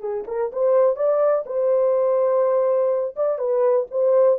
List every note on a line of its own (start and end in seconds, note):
0.00 0.24 G#4
0.27 0.51 A#4
0.53 0.96 C5
0.96 1.44 D5
1.46 3.15 C5
3.16 3.38 D5
3.38 3.86 B4
3.91 4.39 C5